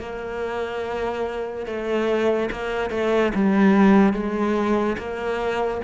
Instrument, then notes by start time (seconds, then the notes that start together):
cello
0.00 A#3
1.66 A3
2.52 A#3
2.91 A3
3.35 G3
4.13 G#3
4.98 A#3